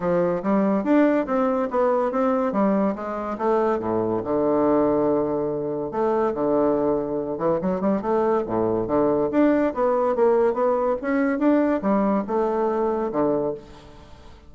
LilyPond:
\new Staff \with { instrumentName = "bassoon" } { \time 4/4 \tempo 4 = 142 f4 g4 d'4 c'4 | b4 c'4 g4 gis4 | a4 a,4 d2~ | d2 a4 d4~ |
d4. e8 fis8 g8 a4 | a,4 d4 d'4 b4 | ais4 b4 cis'4 d'4 | g4 a2 d4 | }